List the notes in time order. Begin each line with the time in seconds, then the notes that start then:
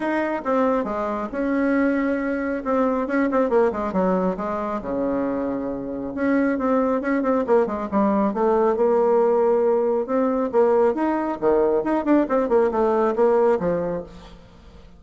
0.00 D#4
0.45 C4
0.84 G#3
1.32 C#4
2.64 C4
3.07 C#4
3.31 C4
3.49 A#3
3.72 G#3
3.92 F#3
4.37 G#3
4.81 C#3
6.14 C#4
6.58 C4
7.01 C#4
7.22 C4
7.46 A#3
7.66 G#3
7.91 G3
8.33 A3
8.76 A#3
10.06 C4
10.52 A#3
10.94 D#4
11.40 D#3
11.83 D#4
12.04 D4
12.28 C4
12.49 A#3
12.71 A3
13.15 A#3
13.59 F3